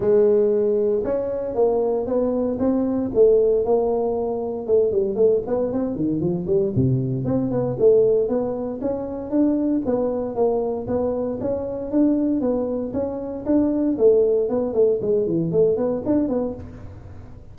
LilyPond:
\new Staff \with { instrumentName = "tuba" } { \time 4/4 \tempo 4 = 116 gis2 cis'4 ais4 | b4 c'4 a4 ais4~ | ais4 a8 g8 a8 b8 c'8 dis8 | f8 g8 c4 c'8 b8 a4 |
b4 cis'4 d'4 b4 | ais4 b4 cis'4 d'4 | b4 cis'4 d'4 a4 | b8 a8 gis8 e8 a8 b8 d'8 b8 | }